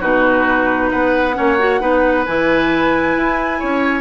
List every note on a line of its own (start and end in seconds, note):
0.00 0.91 B2
0.00 1.34 D#4
0.00 0.90 F#4
0.00 0.91 B4
0.91 1.38 B3
0.91 1.36 B4
0.91 2.25 F#5
1.34 1.82 A#3
1.34 1.57 C#4
1.34 1.81 C#5
1.58 1.80 F#4
1.80 2.26 B3
1.80 2.24 D#4
1.80 3.59 B4
2.25 3.16 E3
2.25 4.01 E4
2.25 4.01 G#5
3.16 3.61 E4
3.59 4.01 C#4
3.59 4.01 C#5